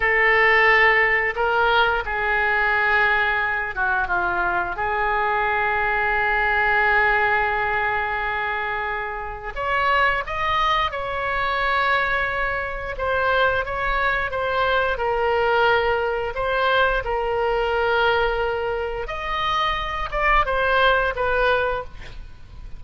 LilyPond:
\new Staff \with { instrumentName = "oboe" } { \time 4/4 \tempo 4 = 88 a'2 ais'4 gis'4~ | gis'4. fis'8 f'4 gis'4~ | gis'1~ | gis'2 cis''4 dis''4 |
cis''2. c''4 | cis''4 c''4 ais'2 | c''4 ais'2. | dis''4. d''8 c''4 b'4 | }